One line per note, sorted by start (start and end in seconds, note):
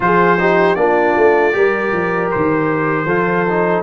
0.00 0.74 F3
0.00 0.37 F4
0.00 0.40 G#4
0.00 0.75 C5
0.39 0.77 D#4
0.39 0.78 G4
0.75 1.14 A#3
0.75 1.52 D4
0.75 1.55 F4
0.75 2.29 D5
1.17 1.55 A3
1.52 1.92 G3
1.52 3.05 G4
1.52 3.07 A#4
1.92 2.30 F3
2.30 3.05 D#3
2.30 3.83 C5
3.05 3.82 F3
3.05 3.46 F4
3.05 3.83 A4
3.49 3.83 D#4